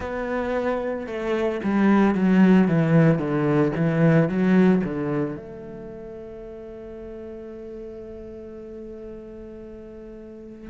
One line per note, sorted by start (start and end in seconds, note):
0.00 1.06 B3
1.06 1.60 A3
1.63 2.14 G3
2.14 2.67 F#3
2.67 3.18 E3
3.18 3.72 D3
3.75 4.29 E3
4.29 4.82 F#3
4.84 5.36 D3
5.36 10.69 A3